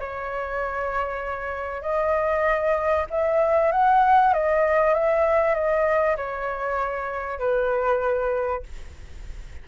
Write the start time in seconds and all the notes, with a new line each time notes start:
0.00 C#5
1.82 D#5
3.10 E5
3.72 F#5
4.34 D#5
4.95 E5
5.55 D#5
6.17 C#5
7.39 B4